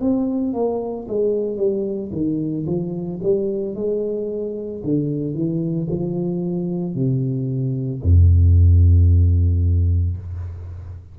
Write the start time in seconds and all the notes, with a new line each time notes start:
0.00 C4
0.53 A#3
1.08 G#3
1.57 G3
2.12 D#3
2.66 F3
3.22 G3
3.75 G#3
4.84 D3
5.34 E3
5.90 F3
6.94 C3
8.03 F2